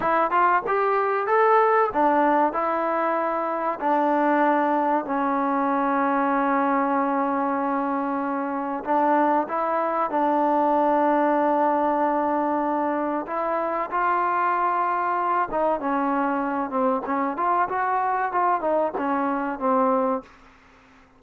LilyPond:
\new Staff \with { instrumentName = "trombone" } { \time 4/4 \tempo 4 = 95 e'8 f'8 g'4 a'4 d'4 | e'2 d'2 | cis'1~ | cis'2 d'4 e'4 |
d'1~ | d'4 e'4 f'2~ | f'8 dis'8 cis'4. c'8 cis'8 f'8 | fis'4 f'8 dis'8 cis'4 c'4 | }